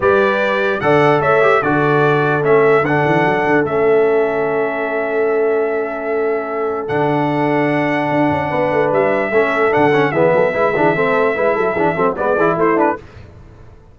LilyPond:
<<
  \new Staff \with { instrumentName = "trumpet" } { \time 4/4 \tempo 4 = 148 d''2 fis''4 e''4 | d''2 e''4 fis''4~ | fis''4 e''2.~ | e''1~ |
e''4 fis''2.~ | fis''2 e''2 | fis''4 e''2.~ | e''2 d''4 c''8 b'8 | }
  \new Staff \with { instrumentName = "horn" } { \time 4/4 b'2 d''4 cis''4 | a'1~ | a'1~ | a'1~ |
a'1~ | a'4 b'2 a'4~ | a'4 gis'8 a'8 b'8 gis'8 a'4 | b'8 a'8 gis'8 a'8 b'8 gis'8 e'4 | }
  \new Staff \with { instrumentName = "trombone" } { \time 4/4 g'2 a'4. g'8 | fis'2 cis'4 d'4~ | d'4 cis'2.~ | cis'1~ |
cis'4 d'2.~ | d'2. cis'4 | d'8 cis'8 b4 e'8 d'8 c'4 | e'4 d'8 c'8 b8 e'4 d'8 | }
  \new Staff \with { instrumentName = "tuba" } { \time 4/4 g2 d4 a4 | d2 a4 d8 e8 | fis8 d8 a2.~ | a1~ |
a4 d2. | d'8 cis'8 b8 a8 g4 a4 | d4 e8 fis8 gis8 e8 a4 | gis8 fis8 e8 fis8 gis8 e8 a4 | }
>>